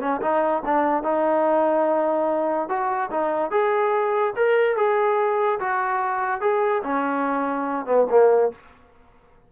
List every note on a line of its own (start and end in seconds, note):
0.00 0.21 C#4
0.21 0.63 D#4
0.65 1.03 D4
1.03 2.69 D#4
2.69 3.10 F#4
3.11 3.51 D#4
3.51 4.34 G#4
4.36 4.76 A#4
4.76 5.59 G#4
5.60 6.41 F#4
6.41 6.82 G#4
6.83 7.86 C#4
7.86 8.06 B3
8.10 8.52 A#3